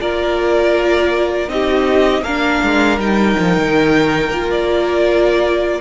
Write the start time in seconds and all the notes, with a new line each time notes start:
0.00 A#3 F4 A#4 D5
1.49 C4 D#4 G4 D#5
2.22 A#3 D4 A#4 F5
2.63 G#3
2.98 G3 D#4 G5
3.40 F3
3.57 D#3
4.30 A#3 F4
4.51 D5